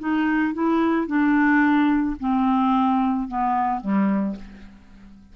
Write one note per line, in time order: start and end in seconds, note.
0.00 0.54 D#4
0.54 1.08 E4
1.08 2.17 D4
2.20 3.29 C4
3.29 3.82 B3
3.82 4.36 G3